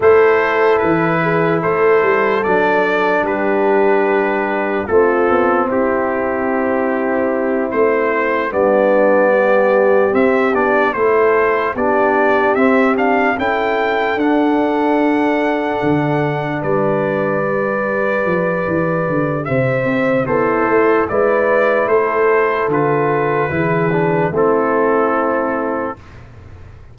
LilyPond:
<<
  \new Staff \with { instrumentName = "trumpet" } { \time 4/4 \tempo 4 = 74 c''4 b'4 c''4 d''4 | b'2 a'4 g'4~ | g'4. c''4 d''4.~ | d''8 e''8 d''8 c''4 d''4 e''8 |
f''8 g''4 fis''2~ fis''8~ | fis''8 d''2.~ d''8 | e''4 c''4 d''4 c''4 | b'2 a'2 | }
  \new Staff \with { instrumentName = "horn" } { \time 4/4 a'4. gis'8 a'2 | g'2 f'4 e'4~ | e'2~ e'8 d'4 g'8~ | g'4. a'4 g'4.~ |
g'8 a'2.~ a'8~ | a'8 b'2.~ b'8 | c''4 e'4 b'4 a'4~ | a'4 gis'4 e'2 | }
  \new Staff \with { instrumentName = "trombone" } { \time 4/4 e'2. d'4~ | d'2 c'2~ | c'2~ c'8 b4.~ | b8 c'8 d'8 e'4 d'4 c'8 |
d'8 e'4 d'2~ d'8~ | d'4. g'2~ g'8~ | g'4 a'4 e'2 | f'4 e'8 d'8 c'2 | }
  \new Staff \with { instrumentName = "tuba" } { \time 4/4 a4 e4 a8 g8 fis4 | g2 a8 b8 c'4~ | c'4. a4 g4.~ | g8 c'8 b8 a4 b4 c'8~ |
c'8 cis'4 d'2 d8~ | d8 g2 f8 e8 d8 | c8 c'8 b8 a8 gis4 a4 | d4 e4 a2 | }
>>